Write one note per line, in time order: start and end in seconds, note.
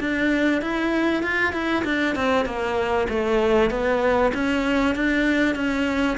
0.00 0.62 D4
0.62 1.23 E4
1.23 1.53 F4
1.53 1.84 E4
1.85 2.16 D4
2.16 2.45 C4
2.45 3.07 A#3
3.09 3.70 A3
3.70 4.32 B3
4.34 4.95 C#4
4.95 5.55 D4
5.55 6.17 C#4